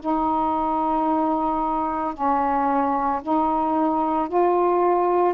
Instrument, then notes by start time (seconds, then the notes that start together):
saxophone
0.00 D#4
2.14 C#4
3.22 D#4
4.29 F4